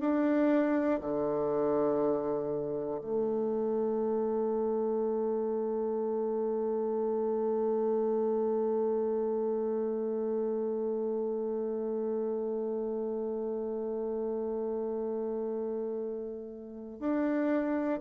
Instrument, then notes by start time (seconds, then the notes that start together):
bassoon
0.00 D4
1.01 D3
3.01 A3
17.00 D4